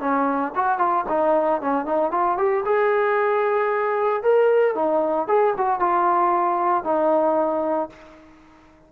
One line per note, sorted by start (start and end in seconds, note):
0.00 0.53 C#4
0.55 0.78 F#4
0.78 1.05 F4
1.09 1.61 D#4
1.61 1.85 C#4
1.85 2.11 D#4
2.11 2.38 F4
2.38 2.64 G4
2.65 4.23 G#4
4.23 4.75 A#4
4.75 5.28 D#4
5.28 5.54 G#4
5.57 5.79 F#4
5.79 6.84 F4
6.84 7.89 D#4